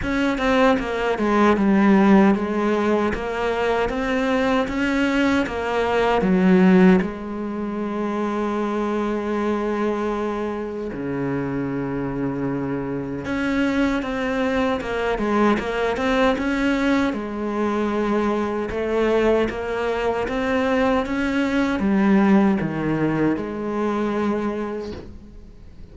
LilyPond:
\new Staff \with { instrumentName = "cello" } { \time 4/4 \tempo 4 = 77 cis'8 c'8 ais8 gis8 g4 gis4 | ais4 c'4 cis'4 ais4 | fis4 gis2.~ | gis2 cis2~ |
cis4 cis'4 c'4 ais8 gis8 | ais8 c'8 cis'4 gis2 | a4 ais4 c'4 cis'4 | g4 dis4 gis2 | }